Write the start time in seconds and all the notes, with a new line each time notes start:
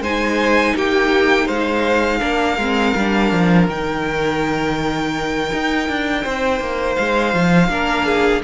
0.00 G#3 D#4 C5 G#5
0.75 A#3 G4 G5
1.46 G#3 C5 F5
2.20 A#3 D4 A#4
2.57 G#3 C4
2.95 G3 D4
3.32 F3
3.68 D#3 D#4 G5
5.53 D#4
5.88 D4
6.23 C4 C5
6.60 A#3
6.95 G#3 F5
7.34 F3
7.69 A#3 D4 A#4
8.06 G#4